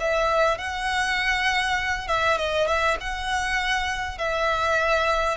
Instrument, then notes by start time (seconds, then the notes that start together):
violin
0.00 E5
0.58 F#5
2.08 E5
2.38 D#5
2.67 E5
3.01 F#5
4.18 E5